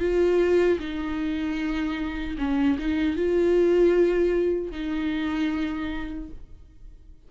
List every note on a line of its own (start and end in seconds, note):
0.00 0.79 F4
0.79 2.37 D#4
2.38 2.78 C#4
2.79 3.17 D#4
3.17 4.72 F4
4.72 6.30 D#4